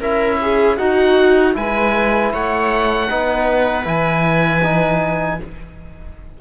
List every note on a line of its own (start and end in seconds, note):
0.00 0.78 C#4
0.00 0.78 E4
0.00 0.38 A#4
0.00 0.77 E5
0.41 0.78 G#4
0.77 1.53 D#4
0.77 1.56 D#4
0.77 1.55 F#4
0.77 1.54 F#5
1.53 2.33 G#3
1.53 3.07 E4
1.53 2.32 B4
1.53 2.33 G#5
2.32 3.10 A3
2.32 3.08 C#5
2.32 3.87 F#5
3.08 3.86 B3
3.08 3.84 D#4
3.08 5.39 B4
3.84 5.39 E3
3.84 4.61 E4
3.84 5.41 G#5
4.63 5.40 D#4